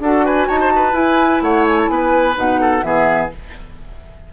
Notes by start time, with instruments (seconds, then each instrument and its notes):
0.00 bassoon D4, clarinet F#4, oboe A4, flute F#5
0.26 oboe B4, flute G#5
0.48 bassoon D#4, oboe C#5, flute A5
0.60 oboe C5
0.76 oboe B4
0.93 clarinet E4, bassoon E4, flute G#5
1.42 bassoon A3, oboe C#5, flute F#5
1.68 flute G#5
1.79 flute A5
1.89 bassoon B3, oboe B4, flute G#5
2.36 bassoon B2, clarinet D#4, flute F#5
2.61 oboe A4
2.83 bassoon E3, clarinet B3, oboe G#4, flute E5